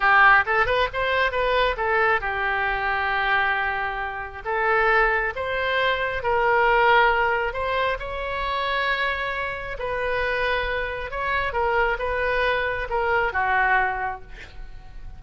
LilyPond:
\new Staff \with { instrumentName = "oboe" } { \time 4/4 \tempo 4 = 135 g'4 a'8 b'8 c''4 b'4 | a'4 g'2.~ | g'2 a'2 | c''2 ais'2~ |
ais'4 c''4 cis''2~ | cis''2 b'2~ | b'4 cis''4 ais'4 b'4~ | b'4 ais'4 fis'2 | }